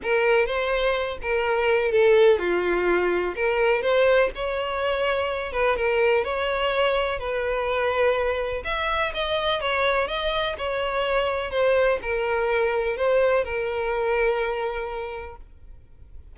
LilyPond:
\new Staff \with { instrumentName = "violin" } { \time 4/4 \tempo 4 = 125 ais'4 c''4. ais'4. | a'4 f'2 ais'4 | c''4 cis''2~ cis''8 b'8 | ais'4 cis''2 b'4~ |
b'2 e''4 dis''4 | cis''4 dis''4 cis''2 | c''4 ais'2 c''4 | ais'1 | }